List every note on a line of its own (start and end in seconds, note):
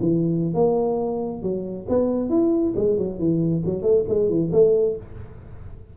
0.00 0.54 E3
0.54 1.42 A#3
1.42 1.86 F#3
1.89 2.29 B3
2.29 2.73 E4
2.76 2.97 G#3
2.97 3.18 F#3
3.18 3.63 E3
3.65 3.82 F#3
3.82 4.04 A3
4.08 4.29 G#3
4.29 4.51 E3
4.52 4.96 A3